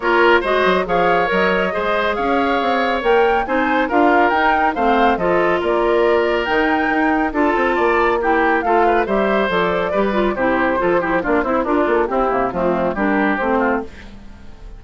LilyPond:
<<
  \new Staff \with { instrumentName = "flute" } { \time 4/4 \tempo 4 = 139 cis''4 dis''4 f''4 dis''4~ | dis''4 f''2 g''4 | gis''4 f''4 g''4 f''4 | dis''4 d''2 g''4~ |
g''4 a''2 g''4 | f''4 e''4 d''2 | c''2 d''8 c''8 ais'8 a'8 | g'4 f'4 ais'4 c''4 | }
  \new Staff \with { instrumentName = "oboe" } { \time 4/4 ais'4 c''4 cis''2 | c''4 cis''2. | c''4 ais'2 c''4 | a'4 ais'2.~ |
ais'4 a'4 d''4 g'4 | a'8 b'8 c''2 b'4 | g'4 a'8 g'8 f'8 e'8 d'4 | e'4 c'4 g'4. f'8 | }
  \new Staff \with { instrumentName = "clarinet" } { \time 4/4 f'4 fis'4 gis'4 ais'4 | gis'2. ais'4 | dis'4 f'4 dis'4 c'4 | f'2. dis'4~ |
dis'4 f'2 e'4 | f'4 g'4 a'4 g'8 f'8 | e'4 f'8 e'8 d'8 e'8 f'4 | c'8 ais8 a4 d'4 c'4 | }
  \new Staff \with { instrumentName = "bassoon" } { \time 4/4 ais4 gis8 fis8 f4 fis4 | gis4 cis'4 c'4 ais4 | c'4 d'4 dis'4 a4 | f4 ais2 dis4 |
dis'4 d'8 c'8 ais2 | a4 g4 f4 g4 | c4 f4 ais8 c'8 d'8 ais8 | c'8 c8 f4 g4 a4 | }
>>